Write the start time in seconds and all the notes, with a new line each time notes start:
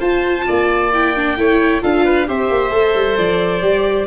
0.00 F4 C5 A5
0.47 A#3 D5
0.94 E4 G5
1.16 D4
1.37 A3 E4 C#5
1.82 D4 F4 A4 F5
2.05 B4
2.27 C4 G4 C5 E5
2.50 A#3
2.71 A3 A4
2.95 G3
3.18 F3 D5
3.62 G3 G4